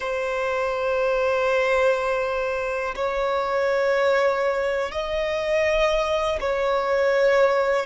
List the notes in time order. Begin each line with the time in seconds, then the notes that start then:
0.00 C5
2.95 C#5
4.91 D#5
6.40 C#5